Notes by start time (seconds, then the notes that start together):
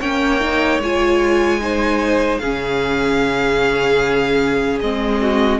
0.00 A#3 C#4 C#5 G5
0.41 D#4
0.79 G#3 F4 G#5
1.61 D#4 C5
2.39 C#3 C#4 G#4 F5
4.81 G#3 C4 D#5
5.21 F#4